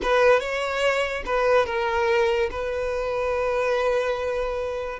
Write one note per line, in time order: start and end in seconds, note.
0.02 0.40 B4
0.40 1.23 C#5
1.25 1.66 B4
1.66 2.49 A#4
2.50 4.99 B4